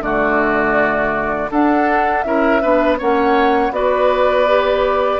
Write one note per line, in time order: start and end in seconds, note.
0.00 1.48 D3
0.00 1.50 A3
0.00 1.51 F#4
0.00 1.51 D5
1.51 2.25 D4
1.51 2.26 D4
1.51 2.25 A4
1.51 2.23 F#5
2.23 2.63 C#4
2.23 2.61 E4
2.23 2.62 A#4
2.23 2.97 E5
2.61 3.00 B3
2.61 2.98 D4
2.61 2.99 B4
2.99 3.71 A#3
2.99 3.73 C#4
2.99 3.73 C#5
2.99 3.74 F#5
3.71 5.19 B3
3.71 4.47 F#4
3.71 5.20 B4
3.71 5.20 D5
4.48 5.20 G4